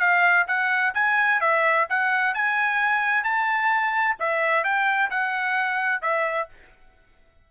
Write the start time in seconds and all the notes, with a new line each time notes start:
0.00 F5
0.48 F#5
0.94 G#5
1.41 E5
1.90 F#5
2.34 G#5
3.24 A5
4.20 E5
4.64 G5
5.10 F#5
6.02 E5